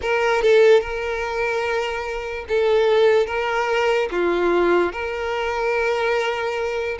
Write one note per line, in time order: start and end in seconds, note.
0.01 0.42 A#4
0.42 0.80 A4
0.80 2.45 A#4
2.48 3.26 A4
3.26 4.08 A#4
4.11 4.92 F4
4.92 6.98 A#4